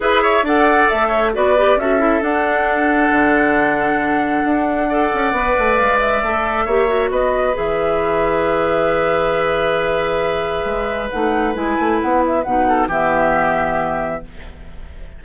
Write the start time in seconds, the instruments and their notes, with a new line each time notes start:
0.00 bassoon E4, clarinet G#4, oboe B4, flute E5
0.22 oboe C#5
0.42 bassoon D4, clarinet A4, oboe D5, flute F#5
0.89 bassoon A3, flute E5
1.08 oboe C#5
1.33 bassoon B3, clarinet F#4, oboe B4, flute D5
1.57 clarinet G4
1.76 bassoon C#4, clarinet F#4, oboe A4, flute E5
1.98 clarinet E4
2.21 clarinet D4, bassoon D4, flute F#5
3.10 bassoon D3
4.44 bassoon D4
4.89 clarinet A4, oboe D5
5.14 bassoon C#4
5.32 bassoon B3, clarinet B4
5.58 bassoon A3
5.76 bassoon G#3, flute F5
5.99 flute E5
6.22 bassoon A3, clarinet A4
6.65 bassoon A#3, clarinet G4, oboe C#5
6.87 clarinet F#4
7.09 bassoon B3, oboe B4, flute D#5
7.53 bassoon E3, clarinet G#4, flute E5
10.64 bassoon G#3
11.10 bassoon A3, clarinet D#4, flute F#5
11.54 bassoon G#3, clarinet E4, flute G#5
11.79 bassoon A3
12.01 bassoon B3, flute F#5
12.26 flute E5
12.43 bassoon B2, clarinet D#4, flute F#5
12.68 oboe A4
12.87 bassoon E3, clarinet B3, oboe G4, flute E5